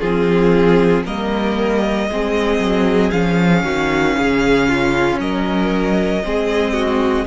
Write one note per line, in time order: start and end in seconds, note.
0.00 1.05 F3
0.00 1.06 C4
0.00 1.03 F4
0.00 1.04 G#4
1.04 2.09 G3
1.04 2.09 A#3
1.04 2.07 A#4
1.04 3.11 D#5
2.09 2.59 G#3
2.09 3.13 C4
2.09 3.64 G#4
2.59 3.10 F#3
3.11 3.63 F3
3.11 6.23 C#4
3.11 5.18 F5
3.63 4.15 D#3
3.63 4.16 F#4
4.17 5.18 C#3
4.17 4.69 G#4
4.69 5.20 F4
5.18 6.22 F#3
5.18 6.24 A#4
5.18 7.27 D#5
6.24 7.27 G#3
6.24 7.27 C4
6.24 6.73 G#4
6.73 7.25 F#4